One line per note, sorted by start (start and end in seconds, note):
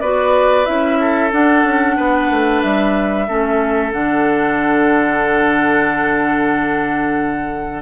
0.00 0.66 B3
0.00 0.65 F#4
0.00 0.98 B4
0.00 0.65 D5
0.65 1.32 C#4
0.65 1.30 E4
0.65 1.30 E5
1.00 1.96 A4
1.31 3.27 D4
1.31 1.64 D4
1.31 2.62 F#5
1.64 1.96 C#4
1.96 2.30 B3
1.96 3.26 B4
2.30 2.62 A3
2.62 3.28 G3
2.62 3.92 E5
3.27 3.93 A3
3.27 3.92 C#4
3.27 7.82 A4
3.92 7.82 D3
3.92 7.82 D4
3.92 7.82 F#5